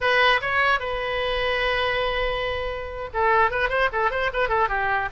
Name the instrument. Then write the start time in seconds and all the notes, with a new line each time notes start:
oboe
0.00 B4
0.41 C#5
0.79 B4
3.13 A4
3.50 B4
3.69 C5
3.92 A4
4.10 C5
4.33 B4
4.49 A4
4.69 G4